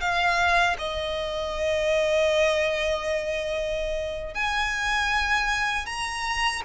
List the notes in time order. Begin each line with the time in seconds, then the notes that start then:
0.00 F5
0.78 D#5
4.34 G#5
5.86 A#5